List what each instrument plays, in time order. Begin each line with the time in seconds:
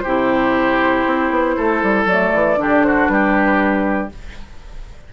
0.00 bassoon C3, oboe G4, flute C5
0.06 clarinet E4
1.06 bassoon C4
1.31 bassoon B3
1.58 bassoon A3, oboe A4
1.83 bassoon G3
2.06 bassoon F#3, clarinet A3, flute D5
2.34 bassoon E3
2.57 bassoon D3, clarinet D4, oboe G4
2.84 oboe F#4, flute C5
3.08 bassoon G3, oboe G4, flute B4